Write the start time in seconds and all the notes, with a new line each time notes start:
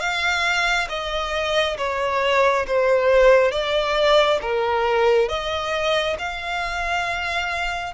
0.00 F5
0.89 D#5
1.78 C#5
2.67 C5
3.51 D5
4.42 A#4
5.29 D#5
6.18 F5